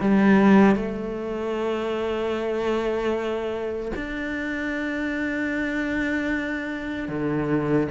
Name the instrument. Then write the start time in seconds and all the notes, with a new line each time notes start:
cello
0.00 G3
0.75 A3
3.95 D4
7.08 D3